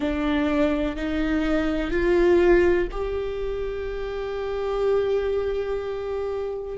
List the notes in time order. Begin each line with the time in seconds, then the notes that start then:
0.00 D4
0.96 D#4
1.90 F4
2.91 G4